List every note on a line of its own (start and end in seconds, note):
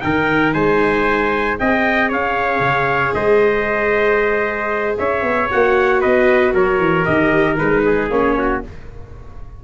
0.00 0.54 D#3
0.00 1.57 D#4
0.00 0.54 A#4
0.00 0.52 G5
0.53 1.58 G#3
0.53 1.58 C5
0.53 1.58 G#5
1.58 2.11 C4
1.58 5.50 G#4
1.58 2.09 D#5
1.58 2.11 G5
2.09 2.60 C#4
2.09 3.13 C#5
2.09 3.14 F5
2.60 3.12 C#3
3.14 4.97 G#3
3.14 4.98 C5
3.14 4.96 D#5
4.98 5.22 C#4
4.98 6.01 C#5
4.98 5.50 E5
5.22 5.48 B3
5.50 6.05 A#3
5.50 7.05 F#4
5.50 6.02 F#5
6.01 6.54 B3
6.01 6.53 B4
6.01 6.54 D#5
6.54 6.79 F#3
6.54 7.84 A#4
6.54 7.05 C#5
6.79 7.05 E3
7.05 7.60 D#3
7.05 7.57 G4
7.05 7.57 D#5
7.57 8.10 G#3
7.57 8.10 D#4
7.57 8.10 B4
7.85 8.37 G#4
8.10 8.62 A#3
8.10 8.64 C#4
8.10 8.63 C#5
8.38 8.64 F#4